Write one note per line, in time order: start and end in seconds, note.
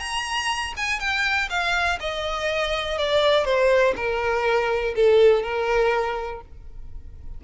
0.00 0.74 A#5
0.77 1.00 G#5
1.00 1.49 G5
1.50 1.99 F5
2.00 2.98 D#5
2.98 3.45 D5
3.45 3.94 C5
3.96 4.94 A#4
4.96 5.43 A4
5.43 6.41 A#4